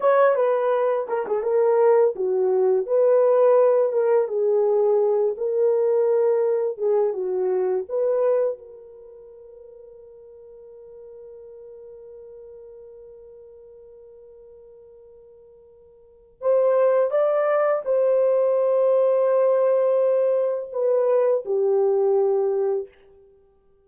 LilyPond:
\new Staff \with { instrumentName = "horn" } { \time 4/4 \tempo 4 = 84 cis''8 b'4 ais'16 gis'16 ais'4 fis'4 | b'4. ais'8 gis'4. ais'8~ | ais'4. gis'8 fis'4 b'4 | ais'1~ |
ais'1~ | ais'2. c''4 | d''4 c''2.~ | c''4 b'4 g'2 | }